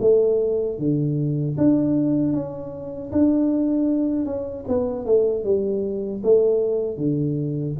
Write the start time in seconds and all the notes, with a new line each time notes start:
0.00 A3
0.78 D3
1.57 D4
2.33 C#4
3.12 D4
4.25 C#4
4.68 B3
5.05 A3
5.44 G3
6.23 A3
6.97 D3